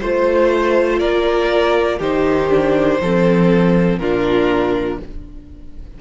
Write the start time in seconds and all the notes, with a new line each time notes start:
0.00 A3 F4 C5
0.99 A#3 A#4 D5
1.98 D#3 D#4 G4 C5
2.49 D4
3.01 F3 C4 A4
3.98 A#2 D4 F4 A#4